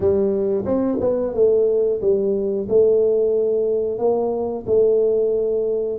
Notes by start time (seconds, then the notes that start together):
0.00 G3
0.65 C4
1.00 B3
1.34 A3
2.01 G3
2.68 A3
3.98 A#3
4.66 A3